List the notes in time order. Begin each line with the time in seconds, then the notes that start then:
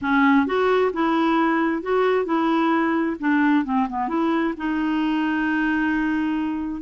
0.01 C#4
0.46 F#4
0.93 E4
1.82 F#4
2.25 E4
3.19 D4
3.64 C4
3.89 B3
4.08 E4
4.57 D#4